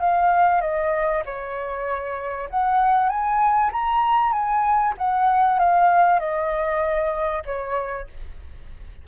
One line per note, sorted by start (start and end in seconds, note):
0.00 0.61 F5
0.61 1.23 D#5
1.26 2.49 C#5
2.50 3.09 F#5
3.09 3.71 G#5
3.73 4.32 A#5
4.32 4.94 G#5
4.98 5.59 F#5
5.59 6.19 F5
6.19 7.43 D#5
7.45 8.07 C#5